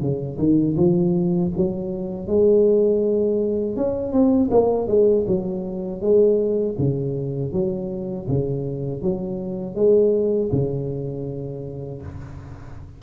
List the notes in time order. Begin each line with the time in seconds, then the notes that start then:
0.00 C#3
0.38 D#3
0.76 F3
1.56 F#3
2.27 G#3
3.76 C#4
4.12 C4
4.51 A#3
4.88 G#3
5.27 F#3
6.01 G#3
6.78 C#3
7.52 F#3
8.28 C#3
9.02 F#3
9.75 G#3
10.52 C#3